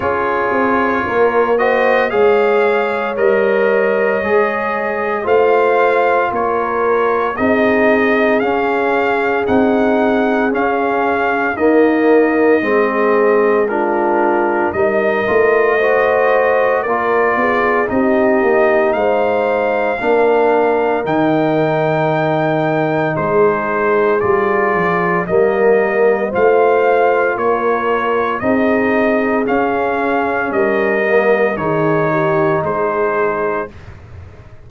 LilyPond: <<
  \new Staff \with { instrumentName = "trumpet" } { \time 4/4 \tempo 4 = 57 cis''4. dis''8 f''4 dis''4~ | dis''4 f''4 cis''4 dis''4 | f''4 fis''4 f''4 dis''4~ | dis''4 ais'4 dis''2 |
d''4 dis''4 f''2 | g''2 c''4 d''4 | dis''4 f''4 cis''4 dis''4 | f''4 dis''4 cis''4 c''4 | }
  \new Staff \with { instrumentName = "horn" } { \time 4/4 gis'4 ais'8 c''8 cis''2~ | cis''4 c''4 ais'4 gis'4~ | gis'2. ais'4 | gis'4 f'4 ais'4 c''4 |
ais'8 gis'8 g'4 c''4 ais'4~ | ais'2 gis'2 | ais'4 c''4 ais'4 gis'4~ | gis'4 ais'4 gis'8 g'8 gis'4 | }
  \new Staff \with { instrumentName = "trombone" } { \time 4/4 f'4. fis'8 gis'4 ais'4 | gis'4 f'2 dis'4 | cis'4 dis'4 cis'4 ais4 | c'4 d'4 dis'8 f'8 fis'4 |
f'4 dis'2 d'4 | dis'2. f'4 | ais4 f'2 dis'4 | cis'4. ais8 dis'2 | }
  \new Staff \with { instrumentName = "tuba" } { \time 4/4 cis'8 c'8 ais4 gis4 g4 | gis4 a4 ais4 c'4 | cis'4 c'4 cis'4 dis'4 | gis2 g8 a4. |
ais8 b8 c'8 ais8 gis4 ais4 | dis2 gis4 g8 f8 | g4 a4 ais4 c'4 | cis'4 g4 dis4 gis4 | }
>>